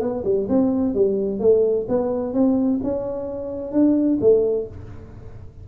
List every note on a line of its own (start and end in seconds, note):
0.00 0.23 B3
0.24 0.47 G3
0.48 0.94 C4
0.94 1.39 G3
1.39 1.86 A3
1.88 2.33 B3
2.33 2.79 C4
2.83 3.71 C#4
3.71 4.18 D4
4.21 4.67 A3